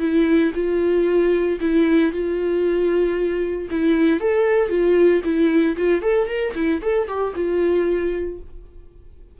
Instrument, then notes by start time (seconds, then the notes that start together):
viola
0.00 E4
0.55 F4
1.61 E4
2.12 F4
3.71 E4
4.20 A4
4.70 F4
5.25 E4
5.77 F4
6.02 A4
6.28 A#4
6.55 E4
6.82 A4
7.08 G4
7.36 F4